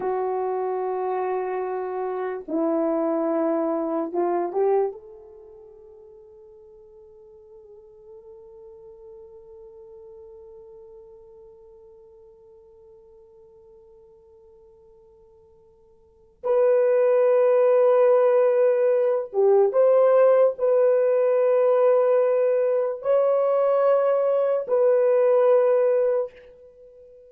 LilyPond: \new Staff \with { instrumentName = "horn" } { \time 4/4 \tempo 4 = 73 fis'2. e'4~ | e'4 f'8 g'8 a'2~ | a'1~ | a'1~ |
a'1 | b'2.~ b'8 g'8 | c''4 b'2. | cis''2 b'2 | }